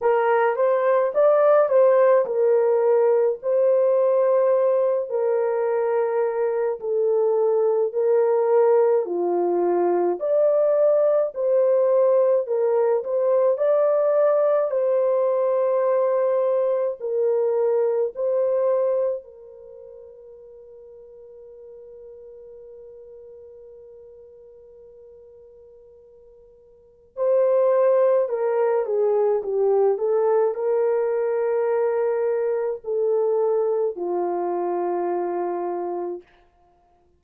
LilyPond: \new Staff \with { instrumentName = "horn" } { \time 4/4 \tempo 4 = 53 ais'8 c''8 d''8 c''8 ais'4 c''4~ | c''8 ais'4. a'4 ais'4 | f'4 d''4 c''4 ais'8 c''8 | d''4 c''2 ais'4 |
c''4 ais'2.~ | ais'1 | c''4 ais'8 gis'8 g'8 a'8 ais'4~ | ais'4 a'4 f'2 | }